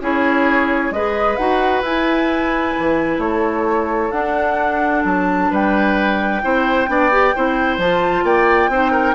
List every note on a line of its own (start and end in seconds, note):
0.00 0.90 C#4
0.00 0.93 E4
0.00 0.94 G#4
0.00 0.92 C#5
0.90 1.36 G#3
0.90 1.37 G#4
0.90 3.22 B4
0.90 1.36 D#5
1.36 1.81 D#4
1.36 1.83 F#4
1.36 1.81 F#5
1.81 2.73 E4
1.81 4.12 E4
1.81 3.19 G#5
2.78 3.18 E3
3.18 4.09 A3
3.18 5.50 A4
3.18 4.11 C#5
4.11 6.41 D4
4.11 5.04 D4
4.11 5.03 F#5
5.04 5.50 F#3
5.04 5.52 A5
5.50 6.43 G3
5.50 6.42 B4
5.50 7.79 G5
6.42 6.87 C4
6.42 6.87 E4
6.42 6.89 C5
6.87 7.33 B3
6.87 7.10 D4
6.87 7.35 D5
7.11 7.34 G4
7.34 7.77 C4
7.34 7.80 E4
7.34 8.24 C5
7.77 8.23 F3
7.77 8.71 F4
7.77 8.25 A5
8.23 8.68 A#3
8.23 8.70 D5
8.23 9.15 G5
8.68 9.14 C4
8.68 9.15 D#4
8.68 8.91 C5
8.91 9.14 A#4